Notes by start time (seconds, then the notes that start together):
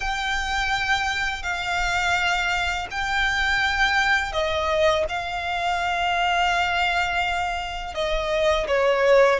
0.00 G5
1.43 F5
2.90 G5
4.32 D#5
5.08 F5
7.94 D#5
8.67 C#5